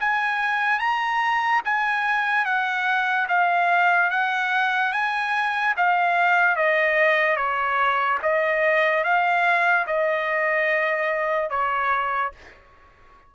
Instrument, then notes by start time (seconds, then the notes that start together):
trumpet
0.00 G#5
0.79 A#5
1.65 G#5
2.45 F#5
3.28 F5
4.10 F#5
4.92 G#5
5.77 F5
6.56 D#5
7.36 C#5
8.22 D#5
9.04 F5
9.87 D#5
11.50 C#5